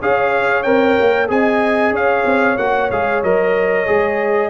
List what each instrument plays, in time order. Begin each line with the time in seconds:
0.00 tuba C#4, trombone G#4, horn C#5, trumpet F5
0.63 tuba C4, trombone A#4, trumpet G5
1.00 tuba A#3
1.28 tuba C4, trombone G#4, horn D#5, trumpet G#5
1.91 tuba C#4, horn C#5, trumpet F5
2.25 tuba C4
2.58 tuba A#3, trombone F#4, trumpet F#5
2.91 tuba G#3, trombone G#4, trumpet F5
3.23 tuba F#3, trombone A#4, trumpet D#5
3.86 tuba G#3, trombone G#4